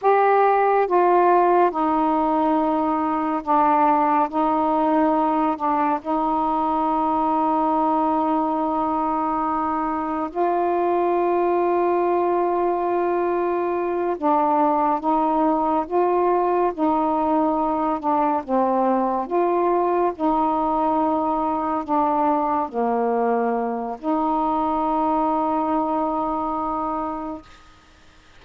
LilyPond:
\new Staff \with { instrumentName = "saxophone" } { \time 4/4 \tempo 4 = 70 g'4 f'4 dis'2 | d'4 dis'4. d'8 dis'4~ | dis'1 | f'1~ |
f'8 d'4 dis'4 f'4 dis'8~ | dis'4 d'8 c'4 f'4 dis'8~ | dis'4. d'4 ais4. | dis'1 | }